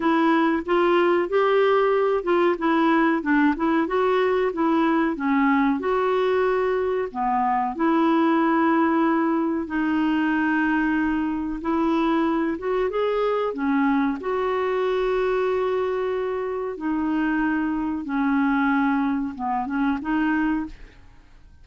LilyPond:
\new Staff \with { instrumentName = "clarinet" } { \time 4/4 \tempo 4 = 93 e'4 f'4 g'4. f'8 | e'4 d'8 e'8 fis'4 e'4 | cis'4 fis'2 b4 | e'2. dis'4~ |
dis'2 e'4. fis'8 | gis'4 cis'4 fis'2~ | fis'2 dis'2 | cis'2 b8 cis'8 dis'4 | }